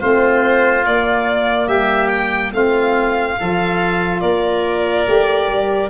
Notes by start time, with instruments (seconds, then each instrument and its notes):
0.00 tuba A3, saxophone C4, oboe F4, violin C5
0.83 saxophone A#3, tuba A#3, violin D5
1.68 tuba G3, oboe G4, violin E5
2.09 violin G5
2.52 tuba A3, saxophone C4, oboe F4, violin F5
3.37 tuba F3, saxophone F4, oboe A4
4.21 tuba A#3, oboe A#4, violin D5
5.05 tuba A3, saxophone G4
5.49 tuba G3